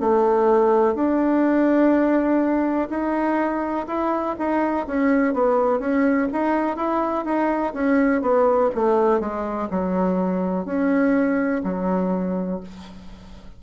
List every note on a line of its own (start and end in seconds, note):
0.00 0.95 A3
0.95 2.89 D4
2.89 3.86 D#4
3.88 4.36 E4
4.39 4.87 D#4
4.87 5.34 C#4
5.34 5.79 B3
5.79 6.28 C#4
6.33 6.77 D#4
6.77 7.25 E4
7.25 7.73 D#4
7.74 8.22 C#4
8.22 8.70 B3
8.75 9.20 A3
9.20 9.69 G#3
9.70 10.65 F#3
10.65 11.62 C#4
11.64 12.61 F#3